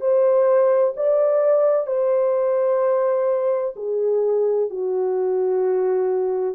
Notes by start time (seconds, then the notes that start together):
0.00 C5
0.96 D5
1.87 C5
3.76 G#4
4.70 F#4